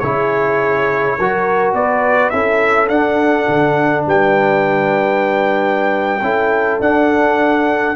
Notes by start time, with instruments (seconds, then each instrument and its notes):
0.00 tuba C#3, trombone E4, horn G#4, trumpet C#5
1.19 tuba F#3, trombone F#4, horn A#4
1.74 tuba B3, horn B4, trumpet D5
2.30 tuba C#4, trombone E4, horn A4, trumpet E5
2.89 trombone D4, tuba D4, trumpet F#5
3.49 tuba D3
4.06 tuba G3, horn B4, trumpet G5
6.22 tuba C#4, trombone E4, horn A4
6.81 tuba D4, trombone D4, trumpet F#5